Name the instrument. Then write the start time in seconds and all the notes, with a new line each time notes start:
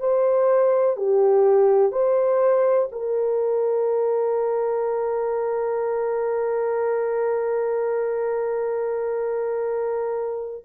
horn
0.00 C5
0.97 G4
1.92 C5
2.92 A#4